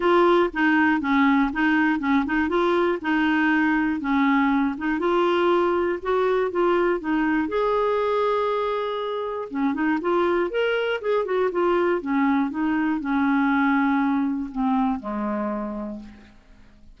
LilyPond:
\new Staff \with { instrumentName = "clarinet" } { \time 4/4 \tempo 4 = 120 f'4 dis'4 cis'4 dis'4 | cis'8 dis'8 f'4 dis'2 | cis'4. dis'8 f'2 | fis'4 f'4 dis'4 gis'4~ |
gis'2. cis'8 dis'8 | f'4 ais'4 gis'8 fis'8 f'4 | cis'4 dis'4 cis'2~ | cis'4 c'4 gis2 | }